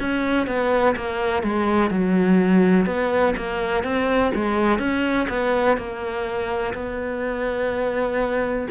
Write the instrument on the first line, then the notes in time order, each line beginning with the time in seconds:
cello
0.00 C#4
0.47 B3
0.96 A#3
1.43 G#3
1.90 F#3
2.86 B3
3.37 A#3
3.84 C4
4.35 G#3
4.79 C#4
5.29 B3
5.77 A#3
6.74 B3